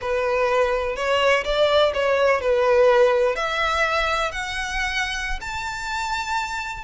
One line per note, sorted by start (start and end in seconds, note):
0.01 0.96 B4
0.96 1.44 C#5
1.44 1.92 D5
1.94 2.40 C#5
2.40 3.35 B4
3.35 4.31 E5
4.31 5.39 F#5
5.40 6.84 A5